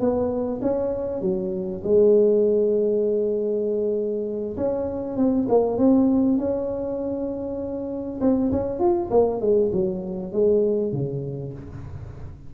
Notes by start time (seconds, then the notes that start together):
0.00 B3
0.62 C#4
1.21 F#3
1.84 G#3
4.57 C#4
5.17 C4
5.49 A#3
5.78 C4
6.38 C#4
8.21 C4
8.52 C#4
8.80 F4
9.11 A#3
9.41 G#3
9.72 F#3
10.33 G#3
10.93 C#3